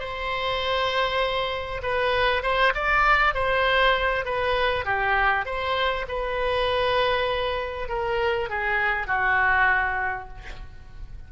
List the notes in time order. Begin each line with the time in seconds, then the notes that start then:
0.00 C5
1.83 B4
2.43 C5
2.75 D5
3.34 C5
4.25 B4
4.85 G4
5.46 C5
6.09 B4
7.89 A#4
8.50 G#4
9.07 F#4